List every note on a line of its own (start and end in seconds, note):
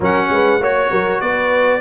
0.00 0.29 F#3
0.00 0.60 C#4
0.00 0.30 A#4
0.00 0.63 F#5
0.29 0.59 G#3
0.29 0.60 B4
0.59 0.89 A#3
0.59 1.81 F#4
0.59 0.90 C#5
0.59 1.20 C#5
0.90 1.21 F#3
0.90 1.21 A#4
1.20 1.81 B3
1.20 1.81 B4
1.20 1.81 D5